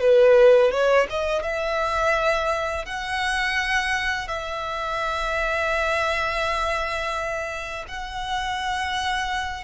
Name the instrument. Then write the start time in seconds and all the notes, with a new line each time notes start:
violin
0.00 B4
0.71 C#5
1.10 D#5
1.43 E5
2.85 F#5
4.28 E5
7.88 F#5